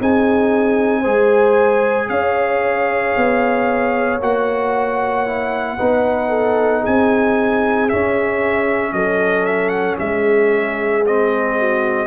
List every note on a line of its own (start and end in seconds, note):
0.00 1.06 C4
0.00 1.04 D#4
0.00 1.01 G#4
0.00 2.09 G#5
1.01 2.10 G#3
1.01 4.20 G#4
1.01 2.06 C5
2.09 3.15 C#4
2.09 5.77 C#5
2.09 4.20 F5
3.17 4.21 B3
4.21 5.79 A#3
4.21 5.27 F#4
4.21 6.86 F#5
5.27 5.79 E4
5.77 6.86 B3
5.77 7.89 D#4
5.77 6.29 B4
6.29 6.81 A4
6.81 8.92 G#4
6.81 7.89 G#5
6.87 7.93 C4
7.89 11.05 C#4
7.89 8.93 C#4
7.89 8.93 E5
8.93 9.98 F#3
8.93 10.00 A4
8.93 9.46 D#5
9.46 9.70 E5
9.70 9.96 F#5
9.99 12.07 G#3
9.99 11.59 G#4
9.99 11.05 E5
11.06 12.07 C4
11.06 12.07 D#5
11.59 12.07 F#4